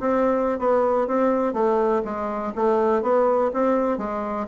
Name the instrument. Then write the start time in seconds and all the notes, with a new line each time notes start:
bassoon
0.00 C4
0.59 B3
1.08 C4
1.54 A3
2.05 G#3
2.56 A3
3.03 B3
3.54 C4
3.98 G#3